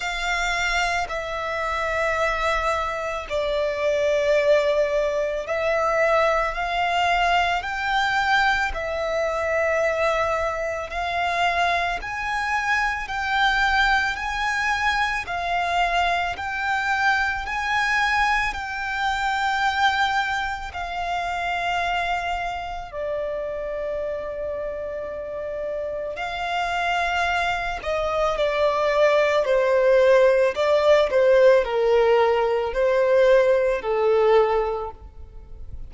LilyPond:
\new Staff \with { instrumentName = "violin" } { \time 4/4 \tempo 4 = 55 f''4 e''2 d''4~ | d''4 e''4 f''4 g''4 | e''2 f''4 gis''4 | g''4 gis''4 f''4 g''4 |
gis''4 g''2 f''4~ | f''4 d''2. | f''4. dis''8 d''4 c''4 | d''8 c''8 ais'4 c''4 a'4 | }